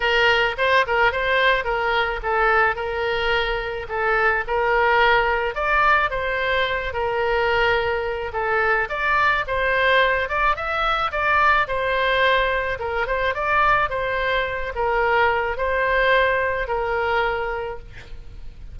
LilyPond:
\new Staff \with { instrumentName = "oboe" } { \time 4/4 \tempo 4 = 108 ais'4 c''8 ais'8 c''4 ais'4 | a'4 ais'2 a'4 | ais'2 d''4 c''4~ | c''8 ais'2~ ais'8 a'4 |
d''4 c''4. d''8 e''4 | d''4 c''2 ais'8 c''8 | d''4 c''4. ais'4. | c''2 ais'2 | }